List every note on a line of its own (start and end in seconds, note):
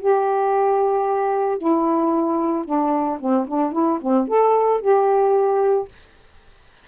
0.00 1.58 G4
1.58 2.65 E4
2.65 3.19 D4
3.20 3.47 C4
3.48 3.73 D4
3.73 3.99 E4
4.02 4.28 C4
4.28 4.81 A4
4.81 5.88 G4